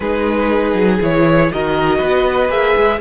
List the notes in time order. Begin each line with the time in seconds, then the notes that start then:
0.00 G#3 D#4 G#4 B4
0.74 F#3
1.01 E3 E4 C#5
1.52 D#3 F#4 A#4 D#5
1.98 B3 B4
2.49 A#3 G#4 E5
2.76 G#3